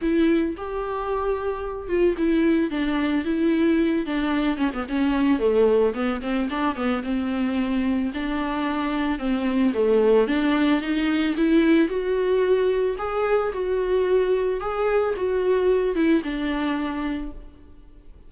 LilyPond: \new Staff \with { instrumentName = "viola" } { \time 4/4 \tempo 4 = 111 e'4 g'2~ g'8 f'8 | e'4 d'4 e'4. d'8~ | d'8 cis'16 b16 cis'4 a4 b8 c'8 | d'8 b8 c'2 d'4~ |
d'4 c'4 a4 d'4 | dis'4 e'4 fis'2 | gis'4 fis'2 gis'4 | fis'4. e'8 d'2 | }